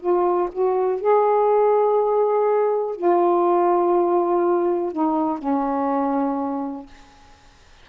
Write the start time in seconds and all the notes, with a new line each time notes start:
0.00 F4
0.52 F#4
1.01 G#4
2.96 F4
4.92 D#4
5.39 C#4